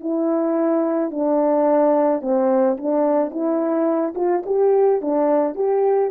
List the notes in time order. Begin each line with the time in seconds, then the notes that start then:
0.00 E4
1.11 D4
2.22 C4
2.77 D4
3.31 E4
4.15 F4
4.46 G4
5.02 D4
5.55 G4